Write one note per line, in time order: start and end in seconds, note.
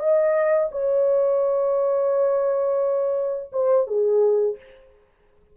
0.00 0.70 D#5
0.72 3.51 C#5
3.53 3.88 C5
3.88 4.57 G#4